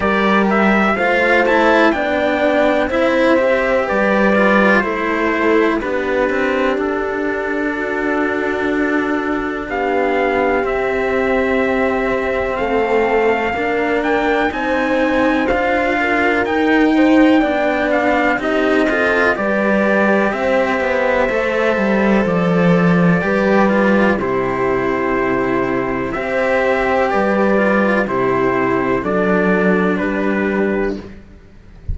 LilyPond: <<
  \new Staff \with { instrumentName = "trumpet" } { \time 4/4 \tempo 4 = 62 d''8 e''8 f''8 a''8 g''4 e''4 | d''4 c''4 b'4 a'4~ | a'2 f''4 e''4~ | e''4 f''4. g''8 gis''4 |
f''4 g''4. f''8 dis''4 | d''4 e''2 d''4~ | d''4 c''2 e''4 | d''4 c''4 d''4 b'4 | }
  \new Staff \with { instrumentName = "horn" } { \time 4/4 ais'4 c''4 d''4 c''4 | b'4 a'4 g'2 | fis'2 g'2~ | g'4 a'4 ais'4 c''4~ |
c''8 ais'4 c''8 d''4 g'8 a'8 | b'4 c''2. | b'4 g'2 c''4 | b'4 g'4 a'4 g'4 | }
  \new Staff \with { instrumentName = "cello" } { \time 4/4 g'4 f'8 e'8 d'4 e'8 g'8~ | g'8 f'8 e'4 d'2~ | d'2. c'4~ | c'2 d'4 dis'4 |
f'4 dis'4 d'4 dis'8 f'8 | g'2 a'2 | g'8 f'8 e'2 g'4~ | g'8 f'8 e'4 d'2 | }
  \new Staff \with { instrumentName = "cello" } { \time 4/4 g4 a4 b4 c'4 | g4 a4 b8 c'8 d'4~ | d'2 b4 c'4~ | c'4 a4 ais4 c'4 |
d'4 dis'4 b4 c'4 | g4 c'8 b8 a8 g8 f4 | g4 c2 c'4 | g4 c4 fis4 g4 | }
>>